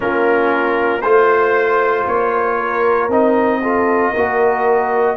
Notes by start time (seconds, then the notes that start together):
0.00 A#3 C#4 F4 A#4
1.01 A3 F4 C5
2.07 A#3 C#5
2.57 A#4
3.08 C4 D#4 D#5
3.62 F4 A4
4.11 A#3 F#4 A#4